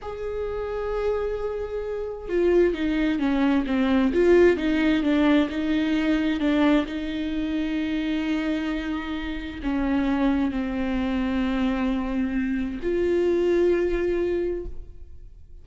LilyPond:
\new Staff \with { instrumentName = "viola" } { \time 4/4 \tempo 4 = 131 gis'1~ | gis'4 f'4 dis'4 cis'4 | c'4 f'4 dis'4 d'4 | dis'2 d'4 dis'4~ |
dis'1~ | dis'4 cis'2 c'4~ | c'1 | f'1 | }